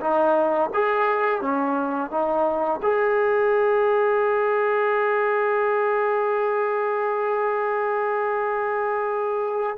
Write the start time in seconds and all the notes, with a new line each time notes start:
0.00 D#4
0.73 G#4
1.41 C#4
2.11 D#4
2.82 G#4